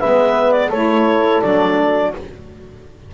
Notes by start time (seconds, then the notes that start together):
0.00 G#3 B3 B4 E5
0.52 D5
0.69 A3 E4 A4 C#5
1.42 F#3 D4 D5